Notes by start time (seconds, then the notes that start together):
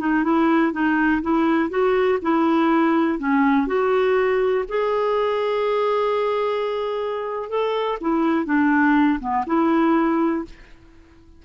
0.00 D#4
0.24 E4
0.73 D#4
1.23 E4
1.70 F#4
2.22 E4
3.19 C#4
3.67 F#4
4.69 G#4
7.50 A4
8.01 E4
8.46 D4
9.20 B3
9.47 E4